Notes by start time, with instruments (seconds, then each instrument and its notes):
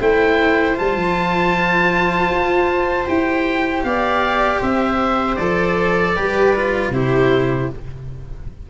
0.00 tuba A3, cello E4, viola C5, oboe G5
0.76 tuba G3, cello F4, oboe A5
0.96 tuba F3
2.30 tuba F4
3.06 tuba E4, cello G4, oboe G5
3.84 tuba B3, viola D5, oboe F5
4.60 tuba C4, viola C5, oboe E5
5.36 tuba F3, cello A4, oboe D5
6.15 tuba G3, cello G4, viola B4
6.56 cello F4
6.90 tuba C3, cello E4, viola G4, oboe C5